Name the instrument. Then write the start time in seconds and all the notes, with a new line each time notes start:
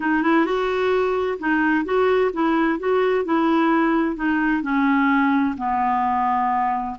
clarinet
0.00 D#4
0.23 E4
0.45 F#4
1.39 D#4
1.84 F#4
2.33 E4
2.79 F#4
3.24 E4
4.16 D#4
4.62 C#4
5.57 B3